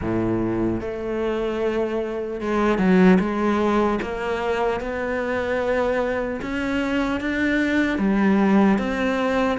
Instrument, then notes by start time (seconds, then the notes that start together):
cello
0.01 A2
0.80 A3
2.40 G#3
2.78 F#3
3.19 G#3
4.02 A#3
4.80 B3
6.41 C#4
7.20 D4
7.98 G3
8.78 C4